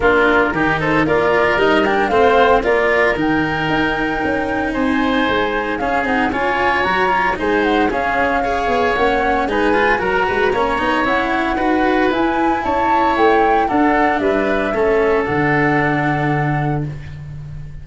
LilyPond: <<
  \new Staff \with { instrumentName = "flute" } { \time 4/4 \tempo 4 = 114 ais'4. c''8 d''4 dis''8 g''8 | f''4 d''4 g''2~ | g''4 gis''2 f''8 fis''8 | gis''4 ais''4 gis''8 fis''8 f''4~ |
f''4 fis''4 gis''4 ais''4~ | ais''4 fis''2 gis''4 | a''4 g''4 fis''4 e''4~ | e''4 fis''2. | }
  \new Staff \with { instrumentName = "oboe" } { \time 4/4 f'4 g'8 a'8 ais'2 | c''4 ais'2.~ | ais'4 c''2 gis'4 | cis''2 c''4 gis'4 |
cis''2 b'4 ais'8 b'8 | cis''2 b'2 | cis''2 a'4 b'4 | a'1 | }
  \new Staff \with { instrumentName = "cello" } { \time 4/4 d'4 dis'4 f'4 dis'8 d'8 | c'4 f'4 dis'2~ | dis'2. cis'8 dis'8 | f'4 fis'8 f'8 dis'4 cis'4 |
gis'4 cis'4 dis'8 f'8 fis'4 | cis'8 dis'8 e'4 fis'4 e'4~ | e'2 d'2 | cis'4 d'2. | }
  \new Staff \with { instrumentName = "tuba" } { \time 4/4 ais4 dis4 ais4 g4 | a4 ais4 dis4 dis'4 | cis'4 c'4 gis4 cis'8 c'8 | cis'4 fis4 gis4 cis'4~ |
cis'8 b8 ais4 gis4 fis8 gis8 | ais8 b8 cis'4 dis'4 e'4 | cis'4 a4 d'4 g4 | a4 d2. | }
>>